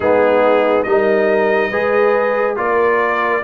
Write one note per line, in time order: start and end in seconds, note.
0.00 0.84 G#3
0.00 0.86 B3
0.00 0.86 D#4
0.00 0.83 G#4
0.83 1.71 G3
0.83 1.72 D#4
0.83 1.70 A#4
0.83 2.54 D#5
1.70 2.57 G#3
1.70 2.56 G#4
1.70 2.55 B4
2.56 3.42 A#3
2.56 3.42 F4
2.56 3.43 A#4
2.56 3.43 D5